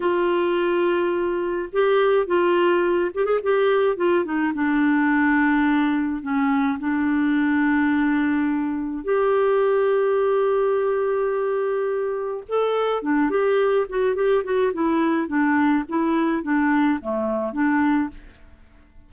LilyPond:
\new Staff \with { instrumentName = "clarinet" } { \time 4/4 \tempo 4 = 106 f'2. g'4 | f'4. g'16 gis'16 g'4 f'8 dis'8 | d'2. cis'4 | d'1 |
g'1~ | g'2 a'4 d'8 g'8~ | g'8 fis'8 g'8 fis'8 e'4 d'4 | e'4 d'4 a4 d'4 | }